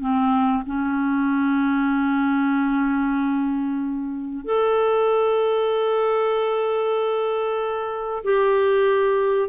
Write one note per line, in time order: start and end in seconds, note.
0.00 0.63 C4
0.66 4.45 C#4
4.45 8.24 A4
8.24 9.49 G4